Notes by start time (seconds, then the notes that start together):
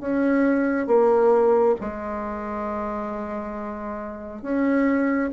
0.00 C#4
0.87 A#3
1.81 G#3
4.42 C#4